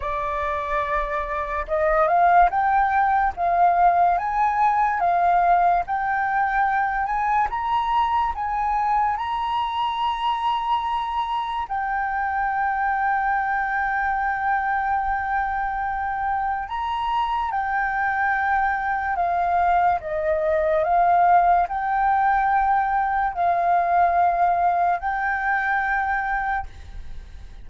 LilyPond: \new Staff \with { instrumentName = "flute" } { \time 4/4 \tempo 4 = 72 d''2 dis''8 f''8 g''4 | f''4 gis''4 f''4 g''4~ | g''8 gis''8 ais''4 gis''4 ais''4~ | ais''2 g''2~ |
g''1 | ais''4 g''2 f''4 | dis''4 f''4 g''2 | f''2 g''2 | }